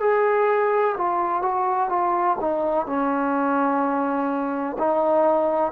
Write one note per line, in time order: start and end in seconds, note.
0.00 0.95 G#4
0.97 1.42 F4
1.42 1.89 F#4
1.89 2.36 F4
2.40 2.86 D#4
2.86 4.76 C#4
4.78 5.71 D#4